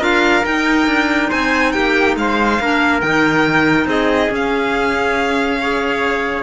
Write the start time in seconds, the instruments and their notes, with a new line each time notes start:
0.00 cello D4, clarinet F4, trumpet A#4, violin F5
0.43 clarinet D#4, cello D#4, violin G5
0.87 cello D4
1.29 cello C4, trumpet C5, violin G#5
1.72 cello A#3, trumpet G4, violin G5
2.16 cello G#3, trumpet C5, violin F5
2.60 cello A#3, clarinet D4, trumpet A#4
3.01 cello D#3, clarinet D#4, violin G5
3.86 cello C4, trumpet G#4, violin D#5
4.30 cello C#4, clarinet C#4, violin F5
5.61 clarinet G#4, trumpet C#5